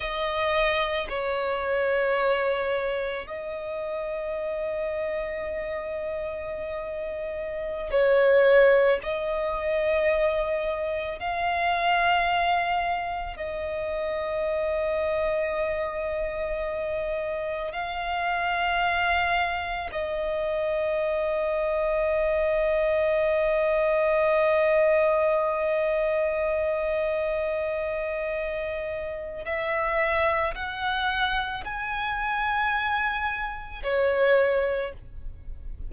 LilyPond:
\new Staff \with { instrumentName = "violin" } { \time 4/4 \tempo 4 = 55 dis''4 cis''2 dis''4~ | dis''2.~ dis''16 cis''8.~ | cis''16 dis''2 f''4.~ f''16~ | f''16 dis''2.~ dis''8.~ |
dis''16 f''2 dis''4.~ dis''16~ | dis''1~ | dis''2. e''4 | fis''4 gis''2 cis''4 | }